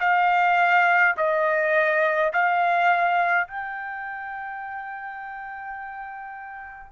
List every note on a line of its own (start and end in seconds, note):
0.00 1.15 F5
1.17 2.33 D#5
2.33 3.48 F5
3.48 6.92 G5